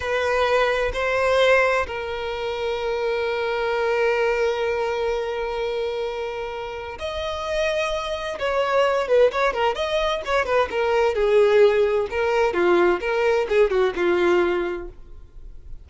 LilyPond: \new Staff \with { instrumentName = "violin" } { \time 4/4 \tempo 4 = 129 b'2 c''2 | ais'1~ | ais'1~ | ais'2. dis''4~ |
dis''2 cis''4. b'8 | cis''8 ais'8 dis''4 cis''8 b'8 ais'4 | gis'2 ais'4 f'4 | ais'4 gis'8 fis'8 f'2 | }